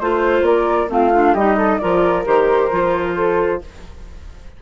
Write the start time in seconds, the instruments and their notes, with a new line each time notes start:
0.00 bassoon A3, clarinet F4, flute C5
0.41 bassoon A#3, flute A#4 D5
0.89 bassoon A3, clarinet C4, flute F4 F5
1.14 clarinet D4
1.34 bassoon G3, clarinet D#4, flute G4 D#5
1.57 flute A4
1.79 bassoon F3, clarinet F4, flute A#4 D5
2.26 bassoon D#3, clarinet G4, flute C5
2.72 bassoon F3, clarinet F4
3.16 flute A4